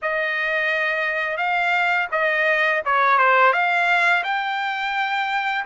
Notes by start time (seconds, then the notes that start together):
0.02 D#5
1.37 F5
2.11 D#5
2.85 C#5
3.18 C5
3.52 F5
4.24 G5